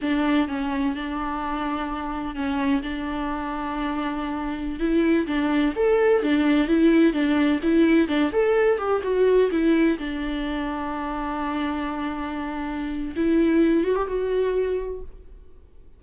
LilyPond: \new Staff \with { instrumentName = "viola" } { \time 4/4 \tempo 4 = 128 d'4 cis'4 d'2~ | d'4 cis'4 d'2~ | d'2~ d'16 e'4 d'8.~ | d'16 a'4 d'4 e'4 d'8.~ |
d'16 e'4 d'8 a'4 g'8 fis'8.~ | fis'16 e'4 d'2~ d'8.~ | d'1 | e'4. fis'16 g'16 fis'2 | }